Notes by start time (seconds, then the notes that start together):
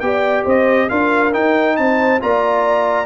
0.00 B3 G4 D5 G5
0.45 C4 C5 D#5
0.89 D4 F4 A#4 F5
1.33 D#4 G5
1.77 C4 C5 A5
2.20 A#3 F4 D5 A#5